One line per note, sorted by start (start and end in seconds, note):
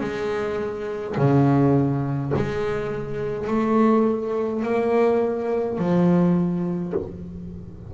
0.00 1.15 G#3
1.17 2.32 C#3
2.35 3.47 G#3
3.47 4.63 A3
4.63 5.78 A#3
5.78 6.93 F3